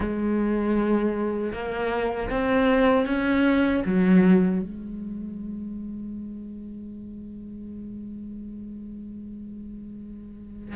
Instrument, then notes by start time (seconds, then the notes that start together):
cello
0.00 G#3
1.52 A#3
2.29 C4
3.06 C#4
3.85 F#3
4.62 G#3